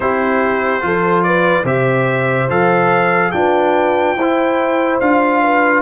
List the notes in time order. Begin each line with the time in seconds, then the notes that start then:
0.00 C4 E4 G4 C5
0.80 F3 F4 A4
1.23 B4 D5
1.64 C3 G4 C5 E5
2.49 F3 A4 F5
3.31 D4 F4 B4 G5
4.16 E4 C5
4.99 D4 F4 F5
5.42 B4